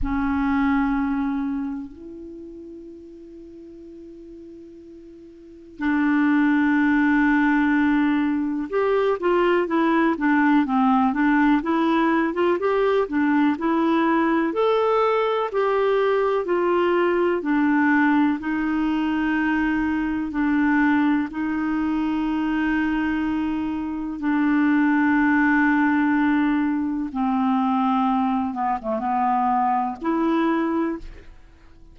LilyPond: \new Staff \with { instrumentName = "clarinet" } { \time 4/4 \tempo 4 = 62 cis'2 e'2~ | e'2 d'2~ | d'4 g'8 f'8 e'8 d'8 c'8 d'8 | e'8. f'16 g'8 d'8 e'4 a'4 |
g'4 f'4 d'4 dis'4~ | dis'4 d'4 dis'2~ | dis'4 d'2. | c'4. b16 a16 b4 e'4 | }